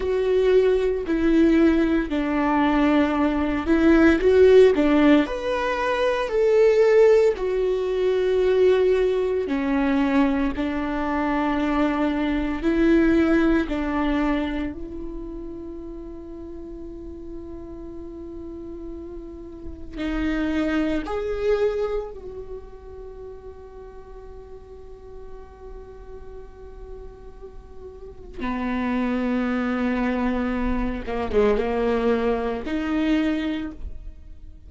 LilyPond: \new Staff \with { instrumentName = "viola" } { \time 4/4 \tempo 4 = 57 fis'4 e'4 d'4. e'8 | fis'8 d'8 b'4 a'4 fis'4~ | fis'4 cis'4 d'2 | e'4 d'4 e'2~ |
e'2. dis'4 | gis'4 fis'2.~ | fis'2. b4~ | b4. ais16 gis16 ais4 dis'4 | }